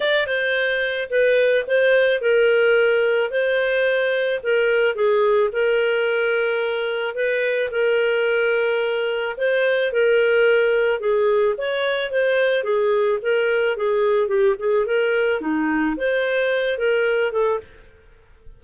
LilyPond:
\new Staff \with { instrumentName = "clarinet" } { \time 4/4 \tempo 4 = 109 d''8 c''4. b'4 c''4 | ais'2 c''2 | ais'4 gis'4 ais'2~ | ais'4 b'4 ais'2~ |
ais'4 c''4 ais'2 | gis'4 cis''4 c''4 gis'4 | ais'4 gis'4 g'8 gis'8 ais'4 | dis'4 c''4. ais'4 a'8 | }